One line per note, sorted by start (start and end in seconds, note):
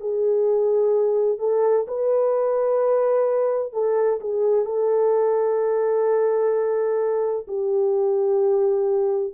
0.00 1.38 G#4
1.38 1.85 A4
1.87 3.72 B4
3.72 4.19 A4
4.20 4.65 G#4
4.65 7.46 A4
7.47 9.33 G4